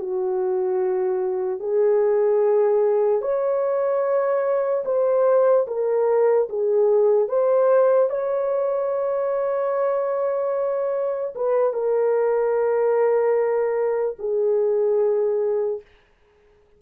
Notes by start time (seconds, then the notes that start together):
0.00 F#4
1.60 G#4
3.22 C#5
4.86 C5
5.68 A#4
6.49 G#4
7.29 C5
8.10 C#5
11.36 B4
11.74 A#4
14.19 G#4